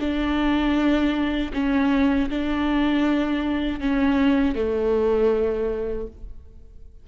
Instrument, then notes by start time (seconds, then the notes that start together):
viola
0.00 D4
1.53 C#4
2.30 D4
3.80 C#4
4.55 A3